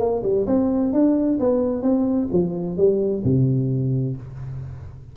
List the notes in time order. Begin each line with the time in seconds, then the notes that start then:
0.00 A#3
0.23 G3
0.47 C4
0.93 D4
1.40 B3
1.83 C4
2.32 F3
2.78 G3
3.25 C3